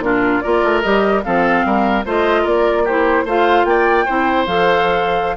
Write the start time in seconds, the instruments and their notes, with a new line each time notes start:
0.00 bassoon A#2, clarinet D4, oboe F4, flute A#4
0.41 bassoon A#3, clarinet F4, oboe A#4, flute D5
0.64 bassoon A3
0.82 bassoon G3, clarinet G4, flute D#5
1.24 bassoon F3, clarinet C4, oboe A4, flute F5
1.65 bassoon G3, oboe A#4
2.06 bassoon A3, clarinet F4, oboe C5, flute D#5
2.43 bassoon A#3, oboe A#4, flute D5
2.85 clarinet E4, oboe G4, flute C5
3.25 bassoon A3, clarinet F4, oboe C5, flute F5
3.65 bassoon A#3, oboe D5, flute G5
4.06 bassoon C4, clarinet E4, oboe C5
4.47 bassoon F3, clarinet A4, flute F5